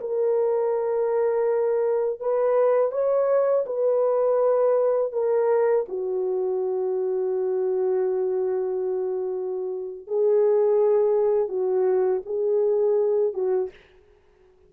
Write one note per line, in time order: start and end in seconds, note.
0.00 2.20 A#4
2.20 2.91 B4
2.91 3.65 C#5
3.66 5.12 B4
5.12 5.85 A#4
5.88 10.07 F#4
10.07 11.48 G#4
11.48 12.21 F#4
12.25 13.33 G#4
13.33 13.70 F#4